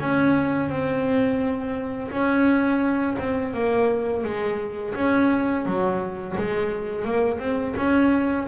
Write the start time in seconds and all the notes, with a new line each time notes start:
0.00 C#4
0.69 C4
2.10 C#4
3.18 C4
3.53 A#3
4.24 G#3
4.94 C#4
5.65 F#3
6.37 G#3
7.04 A#3
7.39 C4
7.76 C#4